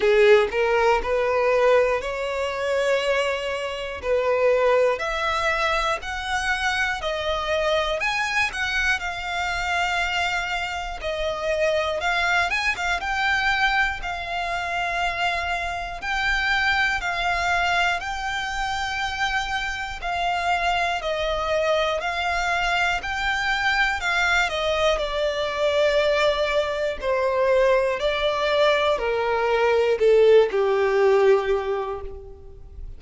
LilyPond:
\new Staff \with { instrumentName = "violin" } { \time 4/4 \tempo 4 = 60 gis'8 ais'8 b'4 cis''2 | b'4 e''4 fis''4 dis''4 | gis''8 fis''8 f''2 dis''4 | f''8 gis''16 f''16 g''4 f''2 |
g''4 f''4 g''2 | f''4 dis''4 f''4 g''4 | f''8 dis''8 d''2 c''4 | d''4 ais'4 a'8 g'4. | }